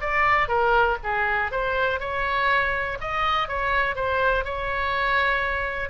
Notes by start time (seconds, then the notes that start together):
0.00 D5
0.48 A#4
1.03 G#4
1.51 C5
2.00 C#5
3.00 D#5
3.48 C#5
3.95 C5
4.44 C#5